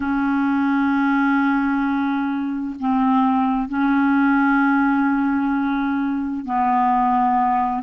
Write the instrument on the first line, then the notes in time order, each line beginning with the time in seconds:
clarinet
0.00 C#4
2.79 C4
3.68 C#4
6.44 B3